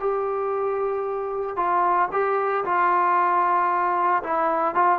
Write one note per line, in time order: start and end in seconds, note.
0.00 1.57 G4
1.57 2.10 F4
2.12 2.65 G4
2.66 4.23 F4
4.24 4.75 E4
4.75 4.99 F4